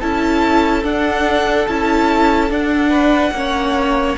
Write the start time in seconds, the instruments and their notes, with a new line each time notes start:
0.00 cello C#4, viola E4, violin A4 A5
0.84 cello D4, viola D4, violin F#5
1.68 cello C#4, viola E4, violin A5
2.50 cello D4, viola D4, violin F#5
2.90 violin B4
3.31 cello A#3, viola C#4
3.38 violin C#5